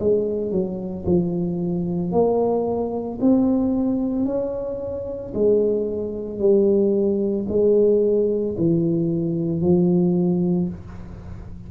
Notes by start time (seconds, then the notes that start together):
0.00 G#3
0.52 F#3
1.06 F3
2.12 A#3
3.21 C4
4.25 C#4
5.34 G#3
6.39 G3
7.49 G#3
8.58 E3
9.61 F3